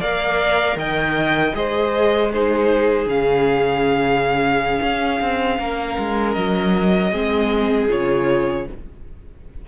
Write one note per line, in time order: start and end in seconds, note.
0.00 0.76 A#3
0.00 1.54 A#4
0.00 0.77 D5
0.00 0.78 F5
0.76 1.53 D#3
0.76 1.55 D#5
0.76 1.55 G5
1.54 3.06 G#3
1.54 2.31 G#4
1.54 2.32 C5
1.54 2.32 D#5
2.32 3.09 D#4
2.32 5.59 G#4
2.32 3.08 C5
3.06 4.79 C#3
3.06 7.12 C#4
3.06 6.33 F5
4.82 5.21 C#4
5.21 5.59 C4
5.59 5.97 A#3
5.59 7.12 A#4
5.98 6.36 G#3
6.33 7.12 F#3
6.33 7.87 D#5
7.12 7.88 G#3
7.12 7.89 C4
7.12 8.65 G#4
7.89 8.68 C#3
7.89 8.66 F4
7.89 8.68 C#5